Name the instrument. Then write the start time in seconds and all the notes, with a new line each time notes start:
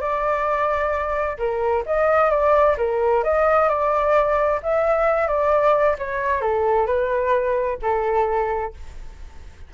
flute
0.00 D5
1.38 A#4
1.86 D#5
2.30 D5
2.77 A#4
3.23 D#5
3.69 D5
4.62 E5
5.27 D5
5.98 C#5
6.41 A4
6.86 B4
7.82 A4